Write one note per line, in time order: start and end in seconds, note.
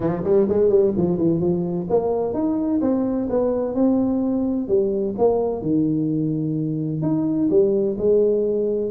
0.00 0.23 F3
0.23 0.47 G3
0.48 0.69 G#3
0.69 0.92 G3
0.97 1.17 F3
1.17 1.40 E3
1.40 1.87 F3
1.89 2.33 A#3
2.33 2.80 D#4
2.81 3.28 C4
3.29 3.75 B3
3.75 4.67 C4
4.67 5.14 G3
5.18 5.61 A#3
5.61 7.02 D#3
7.02 7.49 D#4
7.50 7.97 G3
7.98 8.90 G#3